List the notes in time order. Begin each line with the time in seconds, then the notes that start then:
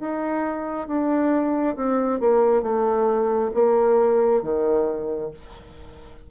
0.00 D#4
0.87 D4
1.76 C4
2.20 A#3
2.62 A3
3.54 A#3
4.42 D#3